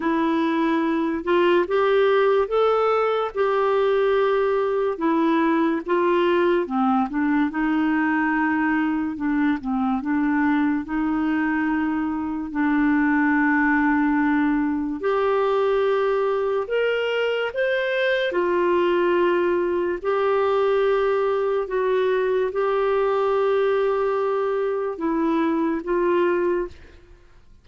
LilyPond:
\new Staff \with { instrumentName = "clarinet" } { \time 4/4 \tempo 4 = 72 e'4. f'8 g'4 a'4 | g'2 e'4 f'4 | c'8 d'8 dis'2 d'8 c'8 | d'4 dis'2 d'4~ |
d'2 g'2 | ais'4 c''4 f'2 | g'2 fis'4 g'4~ | g'2 e'4 f'4 | }